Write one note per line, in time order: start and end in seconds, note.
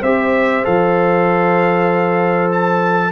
0.00 0.64 C4
0.00 0.64 G4
0.00 3.09 C5
0.00 0.65 E5
0.64 3.12 F3
0.64 3.12 A4
0.64 2.51 F5
2.52 3.12 A5